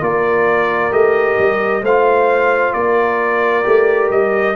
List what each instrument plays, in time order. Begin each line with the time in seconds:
0.00 tuba A#3, trombone F4, horn A#4, trumpet D5
0.91 tuba A3, trombone G4, trumpet D#5
1.38 tuba G3
1.82 tuba A3, trombone F4, horn C5, trumpet F5
2.73 tuba A#3, horn A#4, trumpet D5
3.63 tuba A3, trombone G4
4.10 tuba G3, trumpet D#5